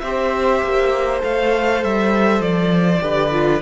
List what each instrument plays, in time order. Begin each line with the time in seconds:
0.00 cello C4, viola G4, violin C5 E5
0.63 cello A#3
1.19 cello A3, viola A4, violin F5
1.83 cello G3, violin E5
2.40 cello F3, violin D5
3.00 cello D3, viola G4, violin B4
3.31 viola F4